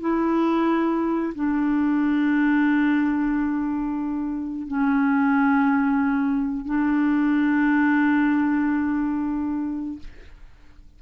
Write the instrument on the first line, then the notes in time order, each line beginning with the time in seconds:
clarinet
0.00 E4
1.34 D4
4.67 C#4
6.65 D4